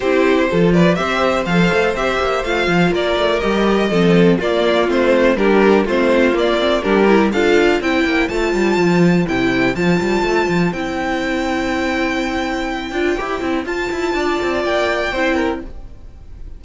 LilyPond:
<<
  \new Staff \with { instrumentName = "violin" } { \time 4/4 \tempo 4 = 123 c''4. d''8 e''4 f''4 | e''4 f''4 d''4 dis''4~ | dis''4 d''4 c''4 ais'4 | c''4 d''4 ais'4 f''4 |
g''4 a''2 g''4 | a''2 g''2~ | g''1 | a''2 g''2 | }
  \new Staff \with { instrumentName = "violin" } { \time 4/4 g'4 a'8 b'8 c''2~ | c''2 ais'2 | a'4 f'2 g'4 | f'2 g'4 a'4 |
c''1~ | c''1~ | c''1~ | c''4 d''2 c''8 ais'8 | }
  \new Staff \with { instrumentName = "viola" } { \time 4/4 e'4 f'4 g'4 a'4 | g'4 f'2 g'4 | c'4 ais4 c'4 d'4 | c'4 ais8 c'8 d'8 e'8 f'4 |
e'4 f'2 e'4 | f'2 e'2~ | e'2~ e'8 f'8 g'8 e'8 | f'2. e'4 | }
  \new Staff \with { instrumentName = "cello" } { \time 4/4 c'4 f4 c'4 f8 a8 | c'8 ais8 a8 f8 ais8 a8 g4 | f4 ais4 a4 g4 | a4 ais4 g4 d'4 |
c'8 ais8 a8 g8 f4 c4 | f8 g8 a8 f8 c'2~ | c'2~ c'8 d'8 e'8 c'8 | f'8 e'8 d'8 c'8 ais4 c'4 | }
>>